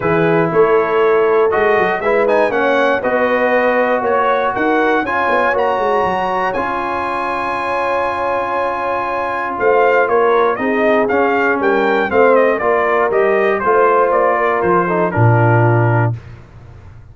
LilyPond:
<<
  \new Staff \with { instrumentName = "trumpet" } { \time 4/4 \tempo 4 = 119 b'4 cis''2 dis''4 | e''8 gis''8 fis''4 dis''2 | cis''4 fis''4 gis''4 ais''4~ | ais''4 gis''2.~ |
gis''2. f''4 | cis''4 dis''4 f''4 g''4 | f''8 dis''8 d''4 dis''4 c''4 | d''4 c''4 ais'2 | }
  \new Staff \with { instrumentName = "horn" } { \time 4/4 gis'4 a'2. | b'4 cis''4 b'2 | cis''4 ais'4 cis''2~ | cis''1~ |
cis''2. c''4 | ais'4 gis'2 ais'4 | c''4 ais'2 c''4~ | c''8 ais'4 a'8 f'2 | }
  \new Staff \with { instrumentName = "trombone" } { \time 4/4 e'2. fis'4 | e'8 dis'8 cis'4 fis'2~ | fis'2 f'4 fis'4~ | fis'4 f'2.~ |
f'1~ | f'4 dis'4 cis'2 | c'4 f'4 g'4 f'4~ | f'4. dis'8 d'2 | }
  \new Staff \with { instrumentName = "tuba" } { \time 4/4 e4 a2 gis8 fis8 | gis4 ais4 b2 | ais4 dis'4 cis'8 b8 ais8 gis8 | fis4 cis'2.~ |
cis'2. a4 | ais4 c'4 cis'4 g4 | a4 ais4 g4 a4 | ais4 f4 ais,2 | }
>>